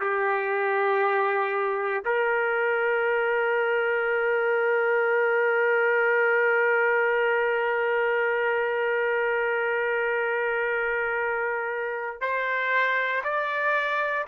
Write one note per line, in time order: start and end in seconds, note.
0.00 2.03 G4
2.05 12.21 A#4
12.21 13.22 C5
13.23 14.25 D5